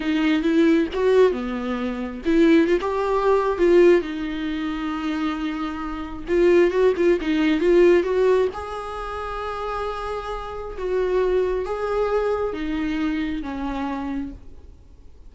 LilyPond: \new Staff \with { instrumentName = "viola" } { \time 4/4 \tempo 4 = 134 dis'4 e'4 fis'4 b4~ | b4 e'4 f'16 g'4.~ g'16 | f'4 dis'2.~ | dis'2 f'4 fis'8 f'8 |
dis'4 f'4 fis'4 gis'4~ | gis'1 | fis'2 gis'2 | dis'2 cis'2 | }